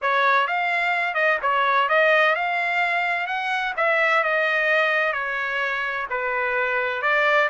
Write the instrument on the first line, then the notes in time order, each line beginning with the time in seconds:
trumpet
0.01 C#5
0.47 F5
1.14 D#5
1.42 C#5
1.89 D#5
2.35 F5
3.26 F#5
3.76 E5
4.23 D#5
5.13 C#5
6.10 B4
7.01 D5